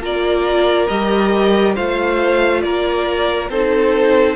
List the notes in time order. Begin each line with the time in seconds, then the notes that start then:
0.00 A#3 F4 A#4 D5
0.87 G3 G4 D#5
1.75 A3 F4 C5 F5
2.61 A#3 A#4 D5
3.49 C4 D#4 A4 C5